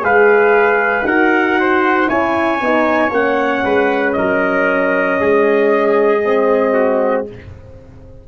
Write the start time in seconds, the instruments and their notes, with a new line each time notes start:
0.00 tuba G#3, horn G#4, trumpet B4 F5
1.04 tuba D#4, horn F#4, trumpet A#4 F#5
1.59 trumpet C5
2.08 tuba C#4, horn E4, trumpet C#5 G#5
2.60 tuba B3, horn D#4
3.10 tuba A#3, horn C#4, trumpet F#5
3.64 tuba G#3, trumpet B4
4.13 tuba F#3, trumpet A#4 D#5
5.20 tuba G#3, trumpet G#4
6.24 horn C4
6.73 trumpet F#4